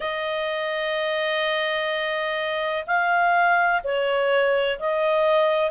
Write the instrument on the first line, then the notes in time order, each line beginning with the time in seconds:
clarinet
0.00 D#5
2.87 F5
3.84 C#5
4.79 D#5